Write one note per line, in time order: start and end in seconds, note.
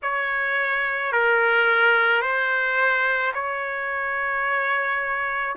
0.02 1.12 C#5
1.12 2.21 A#4
2.21 3.32 C5
3.33 5.56 C#5